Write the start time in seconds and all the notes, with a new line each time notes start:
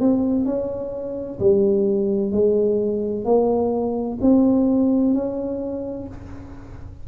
0.00 C4
0.45 C#4
1.39 G3
2.31 G#3
3.25 A#3
4.21 C4
5.13 C#4